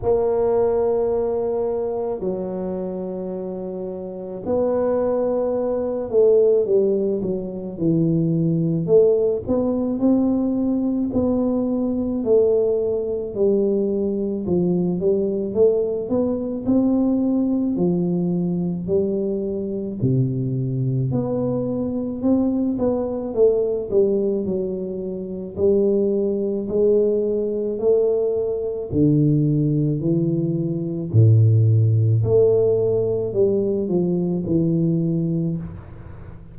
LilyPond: \new Staff \with { instrumentName = "tuba" } { \time 4/4 \tempo 4 = 54 ais2 fis2 | b4. a8 g8 fis8 e4 | a8 b8 c'4 b4 a4 | g4 f8 g8 a8 b8 c'4 |
f4 g4 c4 b4 | c'8 b8 a8 g8 fis4 g4 | gis4 a4 d4 e4 | a,4 a4 g8 f8 e4 | }